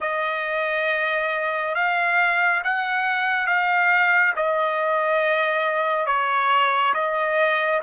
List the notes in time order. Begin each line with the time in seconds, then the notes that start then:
0.00 D#5
1.74 F5
2.64 F#5
3.46 F5
4.36 D#5
6.06 C#5
6.94 D#5